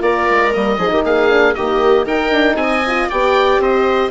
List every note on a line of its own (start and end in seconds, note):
0.00 0.27 A#3
0.00 0.51 F4
0.00 0.78 A#4
0.00 0.54 D5
0.30 0.55 G#3
0.52 0.78 G3
0.52 0.78 A#3
0.52 1.05 D#5
0.78 0.91 F3
0.78 1.30 D#4
0.78 0.91 G#4
0.91 1.04 D#3
0.91 1.05 G4
1.04 1.55 A#3
1.04 1.56 G#4
1.04 1.54 F5
1.30 1.55 D4
1.54 2.06 D#3
1.54 2.07 A#3
1.54 2.06 G4
1.54 2.06 D#5
2.06 2.32 D#4
2.06 2.84 D#4
2.06 2.57 A#4
2.06 2.57 G5
2.32 2.56 D4
2.56 3.07 C4
2.56 3.08 G#5
2.63 3.10 D#5
2.87 3.12 F4
3.10 3.59 B3
3.10 4.11 G4
3.10 3.61 D5
3.10 3.62 G5
3.59 4.10 C4
3.59 4.11 C5
3.59 4.11 D#5